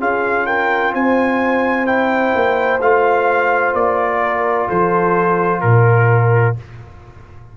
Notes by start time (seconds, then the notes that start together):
0.00 C#4 F4 G#4 F5
0.46 A#4 G5
0.94 C4 C5 G#5
1.86 E4 G5
2.36 A#3
2.80 A3 F4 F5
3.74 A#3 D5
4.23 A#4
4.68 F3 A4 C5
5.61 A#2 A#4